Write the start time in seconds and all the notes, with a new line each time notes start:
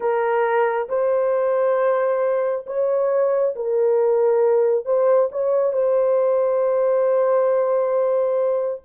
0.00 A#4
0.88 C5
2.66 C#5
3.55 A#4
4.85 C5
5.31 C#5
5.72 C5